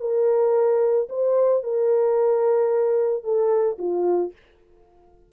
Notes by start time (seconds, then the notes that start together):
0.00 A#4
1.10 C5
1.63 A#4
3.24 A4
3.79 F4